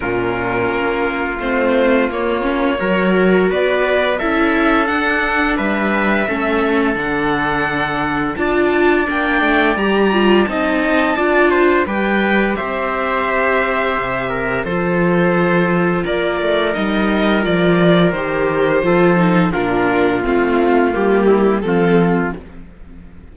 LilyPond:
<<
  \new Staff \with { instrumentName = "violin" } { \time 4/4 \tempo 4 = 86 ais'2 c''4 cis''4~ | cis''4 d''4 e''4 fis''4 | e''2 fis''2 | a''4 g''4 ais''4 a''4~ |
a''4 g''4 e''2~ | e''4 c''2 d''4 | dis''4 d''4 c''2 | ais'4 f'4 g'4 a'4 | }
  \new Staff \with { instrumentName = "trumpet" } { \time 4/4 f'1 | ais'4 b'4 a'2 | b'4 a'2. | d''2. dis''4 |
d''8 c''8 b'4 c''2~ | c''8 ais'8 a'2 ais'4~ | ais'2. a'4 | f'2~ f'8 e'8 f'4 | }
  \new Staff \with { instrumentName = "viola" } { \time 4/4 cis'2 c'4 ais8 cis'8 | fis'2 e'4 d'4~ | d'4 cis'4 d'2 | f'4 d'4 g'8 f'8 dis'4 |
f'4 g'2.~ | g'4 f'2. | dis'4 f'4 g'4 f'8 dis'8 | d'4 c'4 ais4 c'4 | }
  \new Staff \with { instrumentName = "cello" } { \time 4/4 ais,4 ais4 a4 ais4 | fis4 b4 cis'4 d'4 | g4 a4 d2 | d'4 ais8 a8 g4 c'4 |
d'4 g4 c'2 | c4 f2 ais8 a8 | g4 f4 dis4 f4 | ais,4 a4 g4 f4 | }
>>